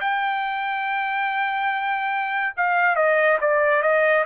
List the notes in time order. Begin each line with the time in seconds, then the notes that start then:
0.00 G5
2.56 F5
2.95 D#5
3.40 D5
3.82 D#5